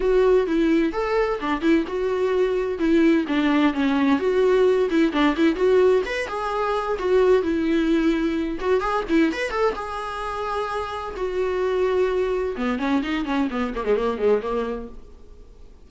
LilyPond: \new Staff \with { instrumentName = "viola" } { \time 4/4 \tempo 4 = 129 fis'4 e'4 a'4 d'8 e'8 | fis'2 e'4 d'4 | cis'4 fis'4. e'8 d'8 e'8 | fis'4 b'8 gis'4. fis'4 |
e'2~ e'8 fis'8 gis'8 e'8 | b'8 a'8 gis'2. | fis'2. b8 cis'8 | dis'8 cis'8 b8 ais16 gis16 ais8 gis8 ais4 | }